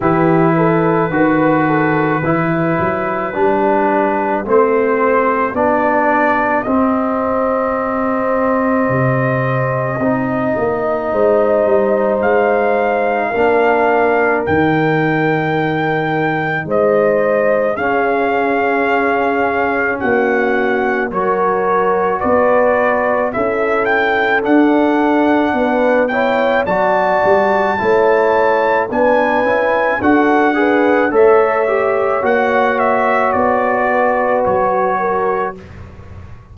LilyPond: <<
  \new Staff \with { instrumentName = "trumpet" } { \time 4/4 \tempo 4 = 54 b'1 | c''4 d''4 dis''2~ | dis''2. f''4~ | f''4 g''2 dis''4 |
f''2 fis''4 cis''4 | d''4 e''8 g''8 fis''4. g''8 | a''2 gis''4 fis''4 | e''4 fis''8 e''8 d''4 cis''4 | }
  \new Staff \with { instrumentName = "horn" } { \time 4/4 g'8 a'8 b'8 a'8 g'2~ | g'1~ | g'2 c''2 | ais'2. c''4 |
gis'2 fis'4 ais'4 | b'4 a'2 b'8 cis''8 | d''4 cis''4 b'4 a'8 b'8 | cis''2~ cis''8 b'4 ais'8 | }
  \new Staff \with { instrumentName = "trombone" } { \time 4/4 e'4 fis'4 e'4 d'4 | c'4 d'4 c'2~ | c'4 dis'2. | d'4 dis'2. |
cis'2. fis'4~ | fis'4 e'4 d'4. e'8 | fis'4 e'4 d'8 e'8 fis'8 gis'8 | a'8 g'8 fis'2. | }
  \new Staff \with { instrumentName = "tuba" } { \time 4/4 e4 dis4 e8 fis8 g4 | a4 b4 c'2 | c4 c'8 ais8 gis8 g8 gis4 | ais4 dis2 gis4 |
cis'2 ais4 fis4 | b4 cis'4 d'4 b4 | fis8 g8 a4 b8 cis'8 d'4 | a4 ais4 b4 fis4 | }
>>